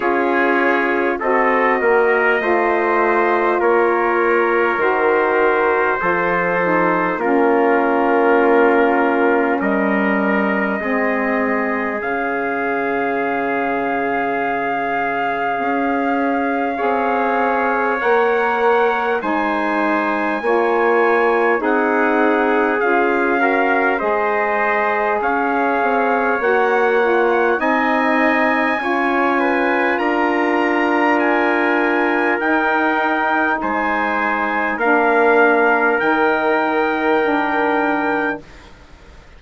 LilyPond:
<<
  \new Staff \with { instrumentName = "trumpet" } { \time 4/4 \tempo 4 = 50 cis''4 dis''2 cis''4 | c''2 ais'2 | dis''2 f''2~ | f''2. fis''4 |
gis''2 fis''4 f''4 | dis''4 f''4 fis''4 gis''4~ | gis''4 ais''4 gis''4 g''4 | gis''4 f''4 g''2 | }
  \new Staff \with { instrumentName = "trumpet" } { \time 4/4 gis'4 a'8 ais'8 c''4 ais'4~ | ais'4 a'4 f'2 | ais'4 gis'2.~ | gis'2 cis''2 |
c''4 cis''4 gis'4. ais'8 | c''4 cis''2 dis''4 | cis''8 b'8 ais'2. | c''4 ais'2. | }
  \new Staff \with { instrumentName = "saxophone" } { \time 4/4 f'4 fis'4 f'2 | fis'4 f'8 dis'8 cis'2~ | cis'4 c'4 cis'2~ | cis'2 gis'4 ais'4 |
dis'4 f'4 dis'4 f'8 fis'8 | gis'2 fis'8 f'8 dis'4 | f'2. dis'4~ | dis'4 d'4 dis'4 d'4 | }
  \new Staff \with { instrumentName = "bassoon" } { \time 4/4 cis'4 c'8 ais8 a4 ais4 | dis4 f4 ais2 | g4 gis4 cis2~ | cis4 cis'4 c'4 ais4 |
gis4 ais4 c'4 cis'4 | gis4 cis'8 c'8 ais4 c'4 | cis'4 d'2 dis'4 | gis4 ais4 dis2 | }
>>